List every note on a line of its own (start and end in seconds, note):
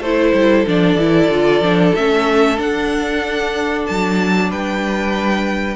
0.00 0.32 A3
0.00 0.67 E4
0.00 4.48 A4
0.00 0.66 C5
0.34 0.66 G3
0.67 0.96 F3
0.67 0.99 D4
0.67 1.95 D5
0.96 1.28 E3
0.96 1.30 E4
1.29 1.61 D3
1.29 1.62 F4
1.61 1.93 F3
1.61 1.95 D4
1.95 2.58 A3
1.95 2.57 C#4
1.95 2.59 E5
2.57 5.76 D4
2.57 3.86 D4
2.57 3.86 F#5
3.86 4.51 F#3
3.86 4.50 A5
4.49 5.76 G3
4.49 5.76 B4
4.49 5.76 G5